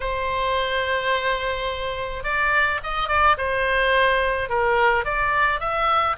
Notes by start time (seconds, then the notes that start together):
0.00 C5
2.23 D5
2.83 D#5
3.08 D5
3.37 C5
4.49 A#4
5.05 D5
5.59 E5